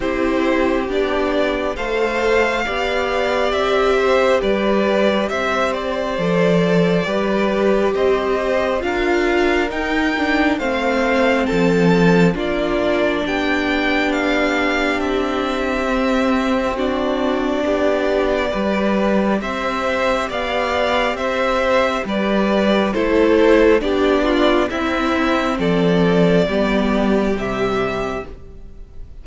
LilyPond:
<<
  \new Staff \with { instrumentName = "violin" } { \time 4/4 \tempo 4 = 68 c''4 d''4 f''2 | e''4 d''4 e''8 d''4.~ | d''4 dis''4 f''4 g''4 | f''4 a''4 d''4 g''4 |
f''4 e''2 d''4~ | d''2 e''4 f''4 | e''4 d''4 c''4 d''4 | e''4 d''2 e''4 | }
  \new Staff \with { instrumentName = "violin" } { \time 4/4 g'2 c''4 d''4~ | d''8 c''8 b'4 c''2 | b'4 c''4 ais'2 | c''4 a'4 f'4 g'4~ |
g'2. fis'4 | g'4 b'4 c''4 d''4 | c''4 b'4 a'4 g'8 f'8 | e'4 a'4 g'2 | }
  \new Staff \with { instrumentName = "viola" } { \time 4/4 e'4 d'4 a'4 g'4~ | g'2. a'4 | g'2 f'4 dis'8 d'8 | c'2 d'2~ |
d'2 c'4 d'4~ | d'4 g'2.~ | g'2 e'4 d'4 | c'2 b4 g4 | }
  \new Staff \with { instrumentName = "cello" } { \time 4/4 c'4 b4 a4 b4 | c'4 g4 c'4 f4 | g4 c'4 d'4 dis'4 | a4 f4 ais4 b4~ |
b4 c'2. | b4 g4 c'4 b4 | c'4 g4 a4 b4 | c'4 f4 g4 c4 | }
>>